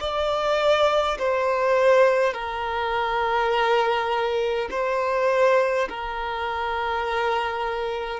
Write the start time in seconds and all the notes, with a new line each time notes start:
0.00 D5
1.18 C5
2.33 A#4
4.70 C5
5.89 A#4